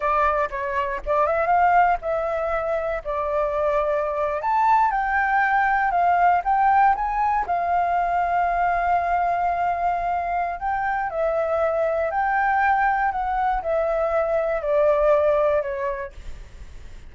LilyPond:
\new Staff \with { instrumentName = "flute" } { \time 4/4 \tempo 4 = 119 d''4 cis''4 d''8 e''8 f''4 | e''2 d''2~ | d''8. a''4 g''2 f''16~ | f''8. g''4 gis''4 f''4~ f''16~ |
f''1~ | f''4 g''4 e''2 | g''2 fis''4 e''4~ | e''4 d''2 cis''4 | }